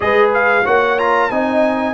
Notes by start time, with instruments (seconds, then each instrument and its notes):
0.00 tuba G#3, trombone G#4, horn B4, trumpet D#5
0.34 trumpet F5
0.64 tuba A#3, trombone F#4, horn C#5, trumpet F#5
0.98 trombone F4, trumpet A#5
1.30 tuba C4, trombone D#4, horn D#5, trumpet G#5